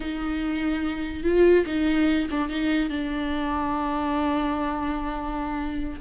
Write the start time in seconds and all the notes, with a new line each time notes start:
0.00 D#4
1.23 F4
1.66 D#4
2.30 D4
2.48 D#4
2.89 D4